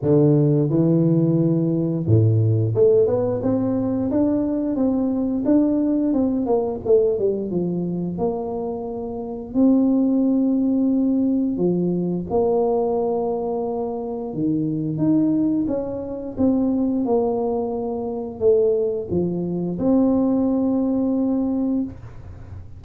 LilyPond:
\new Staff \with { instrumentName = "tuba" } { \time 4/4 \tempo 4 = 88 d4 e2 a,4 | a8 b8 c'4 d'4 c'4 | d'4 c'8 ais8 a8 g8 f4 | ais2 c'2~ |
c'4 f4 ais2~ | ais4 dis4 dis'4 cis'4 | c'4 ais2 a4 | f4 c'2. | }